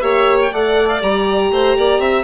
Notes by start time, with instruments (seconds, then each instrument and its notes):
0.00 bassoon A#3, horn G4, violin C#5, oboe E5
0.42 oboe G5
0.52 bassoon A3, horn A4, violin D5, oboe F#5
0.88 oboe F5
1.01 bassoon G3, horn G4, oboe A#5
1.51 bassoon A3, violin C5
1.77 bassoon A#3, violin D5
1.98 bassoon C4, violin E5